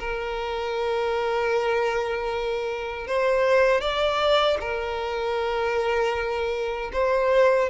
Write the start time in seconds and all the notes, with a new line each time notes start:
0.00 A#4
3.07 C5
3.81 D5
4.60 A#4
6.93 C5